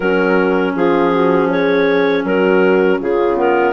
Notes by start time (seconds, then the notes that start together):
0.00 F#3 C#4 F#4 A#4
0.75 F3 F4 G#4
1.12 F#4
1.49 G#4 C#5
2.23 F#3 F#4 A#4
3.00 C#3 F4 G#4
3.36 B3 A#4